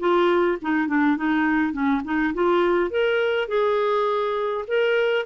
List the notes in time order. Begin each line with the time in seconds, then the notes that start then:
0.00 F4
0.62 D#4
0.88 D4
1.17 D#4
1.73 C#4
2.05 D#4
2.34 F4
2.90 A#4
3.48 G#4
4.68 A#4